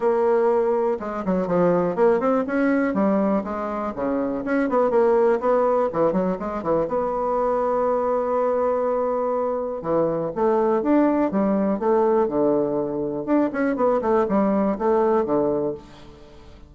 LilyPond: \new Staff \with { instrumentName = "bassoon" } { \time 4/4 \tempo 4 = 122 ais2 gis8 fis8 f4 | ais8 c'8 cis'4 g4 gis4 | cis4 cis'8 b8 ais4 b4 | e8 fis8 gis8 e8 b2~ |
b1 | e4 a4 d'4 g4 | a4 d2 d'8 cis'8 | b8 a8 g4 a4 d4 | }